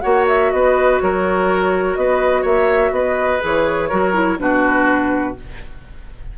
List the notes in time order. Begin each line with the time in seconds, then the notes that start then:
0.00 A#3 F#4 C#5 F#5
0.28 E5
0.51 B3 B4 D#5
1.01 F#3 A#4 C#5
1.95 B3 B4 D#5
2.41 A#3 C#5 E5
2.91 B3 B4 D#5
3.40 E3 G#4 C#5
3.89 F#3 F#4 A#4
4.13 E4
4.38 B2 D4 F#4 B4